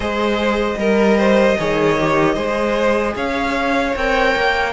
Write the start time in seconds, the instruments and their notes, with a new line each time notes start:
0.00 cello G#3, viola G#4, violin C5 D#5
0.77 cello G3, violin A#4, viola A#4
1.17 violin C5
1.58 cello D#3, viola G#4, violin C#5
2.00 viola G4
2.34 cello G#3, viola G#4, violin C5
3.15 cello C#4, violin C#5 F5
3.95 cello C4, viola A#4, violin G5
4.35 cello A#3